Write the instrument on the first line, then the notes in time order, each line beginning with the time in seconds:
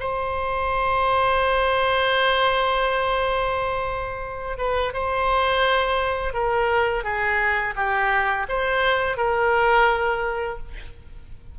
oboe
0.00 C5
4.58 B4
4.94 C5
6.33 A#4
7.04 G#4
7.76 G4
8.49 C5
9.17 A#4